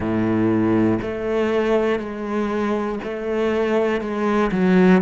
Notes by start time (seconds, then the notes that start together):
0.00 A2
1.02 A3
1.99 G#3
3.03 A3
4.00 G#3
4.51 F#3